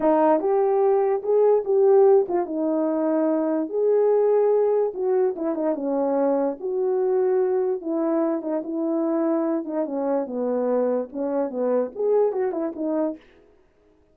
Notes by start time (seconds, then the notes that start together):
0.00 D#4
0.39 G4
1.22 G#4
1.64 G4
2.28 F4
2.45 D#4
3.69 G#4
4.94 F#4
5.36 E4
5.55 D#4
5.75 C#4
6.60 F#4
7.81 E4
8.41 D#4
8.63 E4
9.64 D#4
9.85 C#4
10.26 B3
11.12 C#4
11.50 B3
11.95 G#4
12.32 F#4
12.51 E4
12.75 D#4